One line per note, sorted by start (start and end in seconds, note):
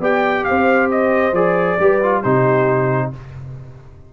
0.00 0.44 B3
0.00 1.34 G4
0.00 0.45 D5
0.00 0.44 G5
0.44 1.33 C4
0.44 1.80 C5
0.44 0.89 F5
0.91 1.35 D#5
1.33 1.77 F3
1.33 1.79 G#4
1.33 2.23 D5
1.80 2.24 G3
1.80 2.02 G4
1.80 2.22 B4
2.03 2.25 F4
2.22 3.13 C3
2.22 3.13 D#4
2.22 3.10 G4
2.22 3.11 C5